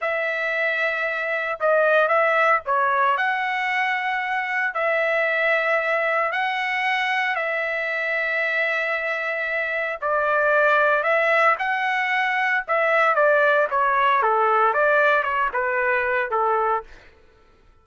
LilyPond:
\new Staff \with { instrumentName = "trumpet" } { \time 4/4 \tempo 4 = 114 e''2. dis''4 | e''4 cis''4 fis''2~ | fis''4 e''2. | fis''2 e''2~ |
e''2. d''4~ | d''4 e''4 fis''2 | e''4 d''4 cis''4 a'4 | d''4 cis''8 b'4. a'4 | }